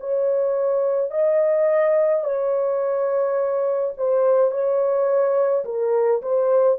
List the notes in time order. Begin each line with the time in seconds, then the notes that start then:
0.00 C#5
1.11 D#5
2.24 C#5
3.97 C5
4.51 C#5
5.65 A#4
6.22 C5